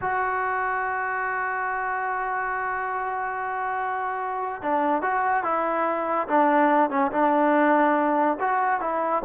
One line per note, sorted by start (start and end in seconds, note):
0.01 4.62 F#4
4.62 5.02 D4
5.02 5.43 F#4
5.43 6.27 E4
6.27 6.90 D4
6.90 7.11 C#4
7.11 8.37 D4
8.40 8.80 F#4
8.80 9.22 E4